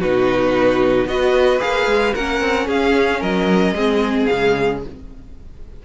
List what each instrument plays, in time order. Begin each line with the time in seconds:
0.00 cello B2, viola D#4, violin F#4 B4
1.06 cello B3, viola F#4, violin B4 D#5
1.59 cello A#3, viola G#4, violin F5
1.87 cello G#3
2.15 cello A#3, viola C#4, violin A#4 F#5
2.41 cello C4
2.67 cello C#4, violin G#4 F5
3.21 cello F#3, violin A#4 D#5
3.72 cello G#3, viola C4, violin G#4
4.26 cello C#3, viola G#3, violin F5